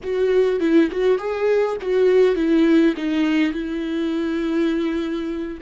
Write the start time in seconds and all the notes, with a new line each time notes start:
0.03 F#4
0.60 E4
0.91 F#4
1.18 G#4
1.81 F#4
2.35 E4
2.96 D#4
3.52 E4